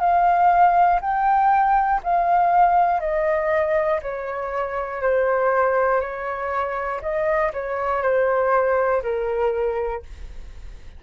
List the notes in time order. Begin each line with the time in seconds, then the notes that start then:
0.00 F5
1.01 G5
2.04 F5
3.00 D#5
4.02 C#5
5.02 C5
6.00 C#5
7.01 D#5
7.53 C#5
8.02 C5
9.02 A#4